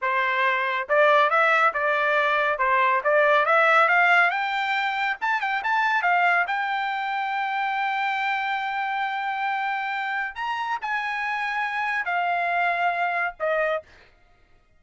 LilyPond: \new Staff \with { instrumentName = "trumpet" } { \time 4/4 \tempo 4 = 139 c''2 d''4 e''4 | d''2 c''4 d''4 | e''4 f''4 g''2 | a''8 g''8 a''4 f''4 g''4~ |
g''1~ | g''1 | ais''4 gis''2. | f''2. dis''4 | }